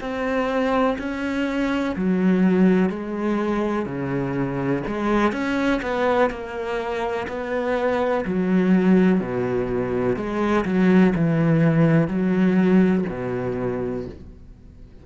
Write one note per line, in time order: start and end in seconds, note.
0.00 0.97 C4
0.99 1.95 C#4
1.96 2.89 F#3
2.89 3.86 G#3
3.86 4.83 C#3
4.87 5.32 G#3
5.32 5.81 C#4
5.82 6.30 B3
6.30 7.27 A#3
7.28 8.25 B3
8.25 9.20 F#3
9.20 10.16 B2
10.16 10.65 G#3
10.65 11.13 F#3
11.15 12.08 E3
12.08 13.05 F#3
13.09 14.06 B2